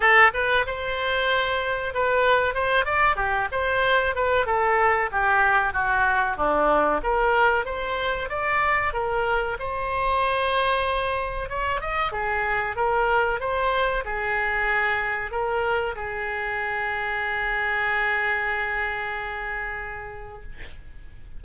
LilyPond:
\new Staff \with { instrumentName = "oboe" } { \time 4/4 \tempo 4 = 94 a'8 b'8 c''2 b'4 | c''8 d''8 g'8 c''4 b'8 a'4 | g'4 fis'4 d'4 ais'4 | c''4 d''4 ais'4 c''4~ |
c''2 cis''8 dis''8 gis'4 | ais'4 c''4 gis'2 | ais'4 gis'2.~ | gis'1 | }